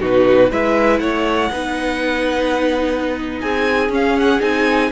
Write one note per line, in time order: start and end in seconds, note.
0.00 0.51 B2
0.00 0.50 D#4
0.00 0.50 F#4
0.00 0.53 B4
0.51 1.00 G#3
0.51 1.51 E4
0.51 1.01 B4
0.51 0.99 E5
0.99 1.50 A3
0.99 1.51 C#5
0.99 3.39 F#5
1.51 3.41 B3
1.51 3.90 D#4
1.51 3.42 B4
3.40 3.89 C4
3.40 4.91 G#4
3.40 3.91 G#5
3.89 4.39 C#4
3.89 4.40 C#4
3.89 4.18 F5
4.18 4.41 F#5
4.40 4.91 C4
4.40 4.91 D#4
4.40 4.91 G#5